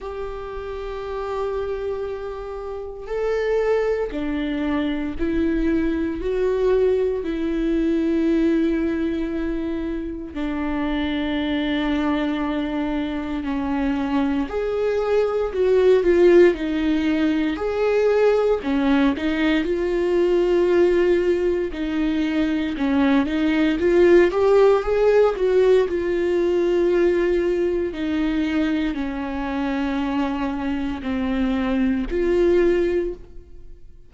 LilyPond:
\new Staff \with { instrumentName = "viola" } { \time 4/4 \tempo 4 = 58 g'2. a'4 | d'4 e'4 fis'4 e'4~ | e'2 d'2~ | d'4 cis'4 gis'4 fis'8 f'8 |
dis'4 gis'4 cis'8 dis'8 f'4~ | f'4 dis'4 cis'8 dis'8 f'8 g'8 | gis'8 fis'8 f'2 dis'4 | cis'2 c'4 f'4 | }